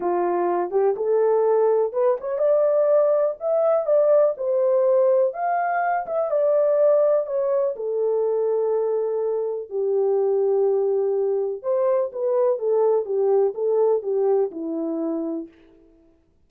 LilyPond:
\new Staff \with { instrumentName = "horn" } { \time 4/4 \tempo 4 = 124 f'4. g'8 a'2 | b'8 cis''8 d''2 e''4 | d''4 c''2 f''4~ | f''8 e''8 d''2 cis''4 |
a'1 | g'1 | c''4 b'4 a'4 g'4 | a'4 g'4 e'2 | }